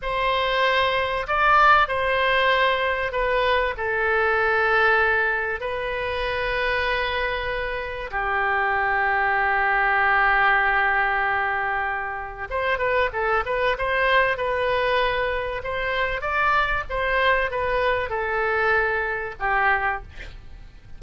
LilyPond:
\new Staff \with { instrumentName = "oboe" } { \time 4/4 \tempo 4 = 96 c''2 d''4 c''4~ | c''4 b'4 a'2~ | a'4 b'2.~ | b'4 g'2.~ |
g'1 | c''8 b'8 a'8 b'8 c''4 b'4~ | b'4 c''4 d''4 c''4 | b'4 a'2 g'4 | }